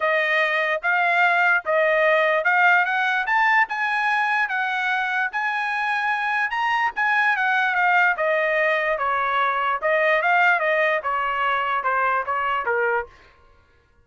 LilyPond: \new Staff \with { instrumentName = "trumpet" } { \time 4/4 \tempo 4 = 147 dis''2 f''2 | dis''2 f''4 fis''4 | a''4 gis''2 fis''4~ | fis''4 gis''2. |
ais''4 gis''4 fis''4 f''4 | dis''2 cis''2 | dis''4 f''4 dis''4 cis''4~ | cis''4 c''4 cis''4 ais'4 | }